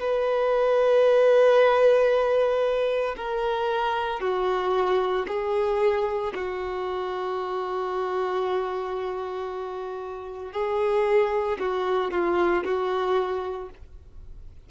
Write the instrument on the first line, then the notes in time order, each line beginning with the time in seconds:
violin
0.00 B4
3.17 A#4
4.21 F#4
5.28 G#4
6.35 F#4
10.53 G#4
11.59 F#4
12.11 F4
12.64 F#4